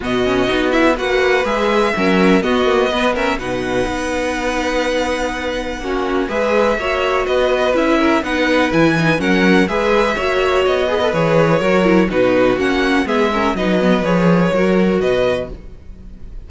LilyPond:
<<
  \new Staff \with { instrumentName = "violin" } { \time 4/4 \tempo 4 = 124 dis''4. e''8 fis''4 e''4~ | e''4 dis''4. e''8 fis''4~ | fis''1~ | fis''4 e''2 dis''4 |
e''4 fis''4 gis''4 fis''4 | e''2 dis''4 cis''4~ | cis''4 b'4 fis''4 e''4 | dis''4 cis''2 dis''4 | }
  \new Staff \with { instrumentName = "violin" } { \time 4/4 fis'2 b'2 | ais'4 fis'4 b'8 ais'8 b'4~ | b'1 | fis'4 b'4 cis''4 b'4~ |
b'8 ais'8 b'2 ais'4 | b'4 cis''4. b'4. | ais'4 fis'2 gis'8 ais'8 | b'2 ais'4 b'4 | }
  \new Staff \with { instrumentName = "viola" } { \time 4/4 b8 cis'8 dis'8 e'8 fis'4 gis'4 | cis'4 b8 ais8 b8 cis'8 dis'4~ | dis'1 | cis'4 gis'4 fis'2 |
e'4 dis'4 e'8 dis'8 cis'4 | gis'4 fis'4. gis'16 a'16 gis'4 | fis'8 e'8 dis'4 cis'4 b8 cis'8 | dis'8 b8 gis'4 fis'2 | }
  \new Staff \with { instrumentName = "cello" } { \time 4/4 b,4 b4 ais4 gis4 | fis4 b2 b,4 | b1 | ais4 gis4 ais4 b4 |
cis'4 b4 e4 fis4 | gis4 ais4 b4 e4 | fis4 b,4 ais4 gis4 | fis4 f4 fis4 b,4 | }
>>